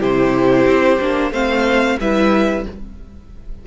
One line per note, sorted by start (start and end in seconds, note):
0.00 0.66 C3
0.00 0.99 E4
0.00 1.32 G4
0.00 1.33 C5
0.66 0.99 C4
1.00 1.31 A#3
1.00 1.33 D4
1.31 1.97 A3
1.31 1.99 C4
1.31 1.98 C5
1.31 1.99 F5
2.00 2.66 G3
2.00 2.67 E4
2.00 2.66 B4
2.00 2.66 E5